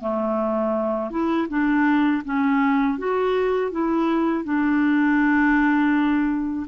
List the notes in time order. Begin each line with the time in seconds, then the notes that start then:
0.00 A3
1.10 E4
1.48 D4
2.25 C#4
2.98 F#4
3.71 E4
4.44 D4